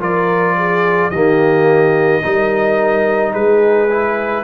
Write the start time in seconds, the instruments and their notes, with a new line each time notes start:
0.00 tuba F3, trombone F4, horn A#4, trumpet D5
0.58 horn G#4
1.11 tuba D#3, trombone A#3, horn G4, trumpet D#5
2.23 tuba G3, trombone D#4, horn A#4
3.33 tuba G#3, horn G#4, trumpet B4
3.91 trombone E4